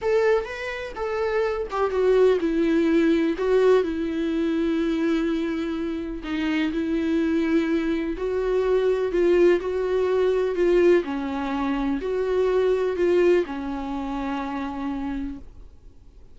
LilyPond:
\new Staff \with { instrumentName = "viola" } { \time 4/4 \tempo 4 = 125 a'4 b'4 a'4. g'8 | fis'4 e'2 fis'4 | e'1~ | e'4 dis'4 e'2~ |
e'4 fis'2 f'4 | fis'2 f'4 cis'4~ | cis'4 fis'2 f'4 | cis'1 | }